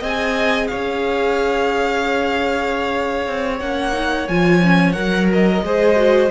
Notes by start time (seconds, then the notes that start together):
0.00 C4 G#4 D#5 G#5
0.67 C#4 C#5 F5
3.27 C4
3.60 A#3 C#4 F#5
3.93 D#4
4.29 F3 F4 G#5
4.63 C#4
4.93 F#3 A#4 F#5
5.31 A#4 D#5
5.63 G#3 G#4 C5
5.96 F#4